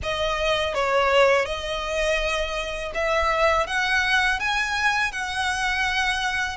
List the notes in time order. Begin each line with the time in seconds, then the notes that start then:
0.02 D#5
0.74 C#5
1.45 D#5
2.94 E5
3.67 F#5
4.39 G#5
5.12 F#5